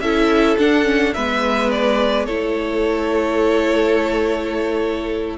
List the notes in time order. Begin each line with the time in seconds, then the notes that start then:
0.00 C#4 E4 A4 E5
0.58 D4 F#5
0.84 C#4
1.14 G#3 B3 B4 E5
1.71 D5
2.26 A3 E4 A4 C#5